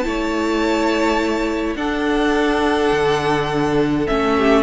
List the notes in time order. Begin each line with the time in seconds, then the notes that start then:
0.00 A3 E4 A5
0.08 C#5
1.76 D4 A4 F#5
2.92 D3
4.07 A3 C#4 E5
4.38 G4